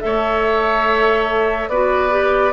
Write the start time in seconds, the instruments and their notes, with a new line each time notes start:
0.00 bassoon A3, clarinet A4, oboe C#5, flute E5
1.69 bassoon B3, clarinet F#4, oboe B4, flute D5
2.10 clarinet G4